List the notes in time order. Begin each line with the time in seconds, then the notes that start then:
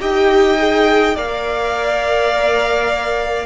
0.00 D#4 G4 D#5 G5
0.58 G#4
1.16 A#3 A#4 D5 F5